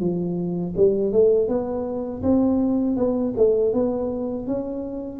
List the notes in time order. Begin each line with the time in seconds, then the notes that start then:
0.00 F3
0.76 G3
1.12 A3
1.48 B3
2.22 C4
2.96 B3
3.37 A3
3.73 B3
4.47 C#4